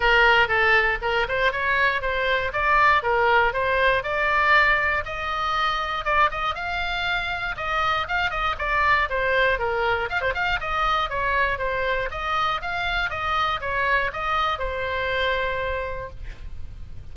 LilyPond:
\new Staff \with { instrumentName = "oboe" } { \time 4/4 \tempo 4 = 119 ais'4 a'4 ais'8 c''8 cis''4 | c''4 d''4 ais'4 c''4 | d''2 dis''2 | d''8 dis''8 f''2 dis''4 |
f''8 dis''8 d''4 c''4 ais'4 | f''16 c''16 f''8 dis''4 cis''4 c''4 | dis''4 f''4 dis''4 cis''4 | dis''4 c''2. | }